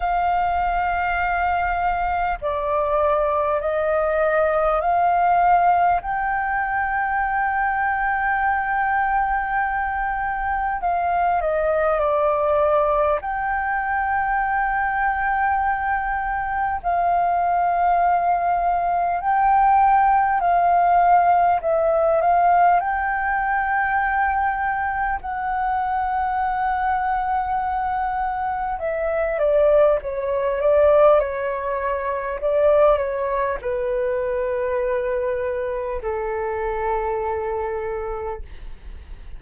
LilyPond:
\new Staff \with { instrumentName = "flute" } { \time 4/4 \tempo 4 = 50 f''2 d''4 dis''4 | f''4 g''2.~ | g''4 f''8 dis''8 d''4 g''4~ | g''2 f''2 |
g''4 f''4 e''8 f''8 g''4~ | g''4 fis''2. | e''8 d''8 cis''8 d''8 cis''4 d''8 cis''8 | b'2 a'2 | }